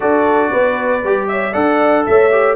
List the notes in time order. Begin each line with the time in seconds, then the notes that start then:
0.00 D4 F#4 A4 D5
0.50 B3 B4
1.03 G3 G4
1.28 C#5 E5
1.52 D4 A4 D5 F#5
2.06 A3 C#5 E5
2.31 G4